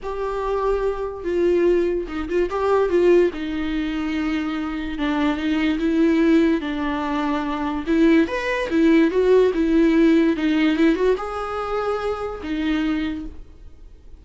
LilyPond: \new Staff \with { instrumentName = "viola" } { \time 4/4 \tempo 4 = 145 g'2. f'4~ | f'4 dis'8 f'8 g'4 f'4 | dis'1 | d'4 dis'4 e'2 |
d'2. e'4 | b'4 e'4 fis'4 e'4~ | e'4 dis'4 e'8 fis'8 gis'4~ | gis'2 dis'2 | }